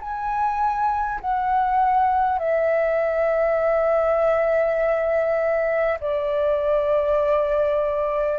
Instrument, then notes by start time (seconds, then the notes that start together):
flute
0.00 G#5
1.20 F#5
2.38 E5
6.00 D5